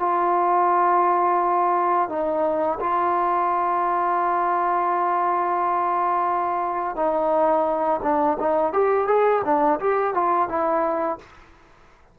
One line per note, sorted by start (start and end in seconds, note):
0.00 2.09 F4
2.10 2.79 D#4
2.80 6.96 F4
6.96 8.01 D#4
8.03 8.38 D4
8.40 8.73 D#4
8.73 9.08 G4
9.08 9.42 G#4
9.45 9.80 D4
9.80 10.14 G4
10.14 10.49 F4
10.49 11.19 E4